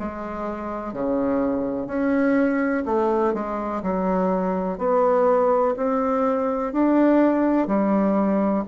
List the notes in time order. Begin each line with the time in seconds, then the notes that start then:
0.00 G#3
0.93 C#3
1.87 C#4
2.86 A3
3.34 G#3
3.83 F#3
4.79 B3
5.77 C4
6.73 D4
7.68 G3